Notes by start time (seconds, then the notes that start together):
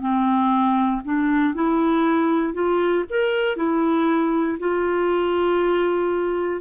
0.00 C4
1.04 D4
1.54 E4
2.54 F4
3.10 A#4
3.56 E4
4.59 F4